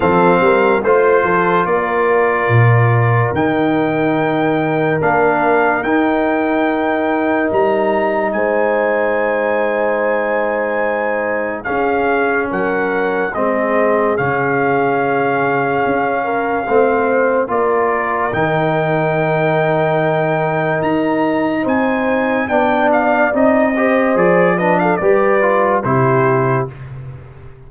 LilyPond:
<<
  \new Staff \with { instrumentName = "trumpet" } { \time 4/4 \tempo 4 = 72 f''4 c''4 d''2 | g''2 f''4 g''4~ | g''4 ais''4 gis''2~ | gis''2 f''4 fis''4 |
dis''4 f''2.~ | f''4 d''4 g''2~ | g''4 ais''4 gis''4 g''8 f''8 | dis''4 d''8 dis''16 f''16 d''4 c''4 | }
  \new Staff \with { instrumentName = "horn" } { \time 4/4 a'8 ais'8 c''8 a'8 ais'2~ | ais'1~ | ais'2 c''2~ | c''2 gis'4 ais'4 |
gis'2.~ gis'8 ais'8 | c''4 ais'2.~ | ais'2 c''4 d''4~ | d''8 c''4 b'16 a'16 b'4 g'4 | }
  \new Staff \with { instrumentName = "trombone" } { \time 4/4 c'4 f'2. | dis'2 d'4 dis'4~ | dis'1~ | dis'2 cis'2 |
c'4 cis'2. | c'4 f'4 dis'2~ | dis'2. d'4 | dis'8 g'8 gis'8 d'8 g'8 f'8 e'4 | }
  \new Staff \with { instrumentName = "tuba" } { \time 4/4 f8 g8 a8 f8 ais4 ais,4 | dis2 ais4 dis'4~ | dis'4 g4 gis2~ | gis2 cis'4 fis4 |
gis4 cis2 cis'4 | a4 ais4 dis2~ | dis4 dis'4 c'4 b4 | c'4 f4 g4 c4 | }
>>